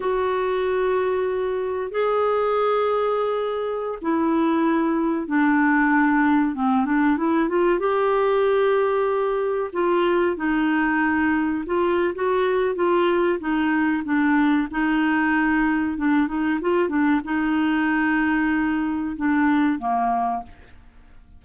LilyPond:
\new Staff \with { instrumentName = "clarinet" } { \time 4/4 \tempo 4 = 94 fis'2. gis'4~ | gis'2~ gis'16 e'4.~ e'16~ | e'16 d'2 c'8 d'8 e'8 f'16~ | f'16 g'2. f'8.~ |
f'16 dis'2 f'8. fis'4 | f'4 dis'4 d'4 dis'4~ | dis'4 d'8 dis'8 f'8 d'8 dis'4~ | dis'2 d'4 ais4 | }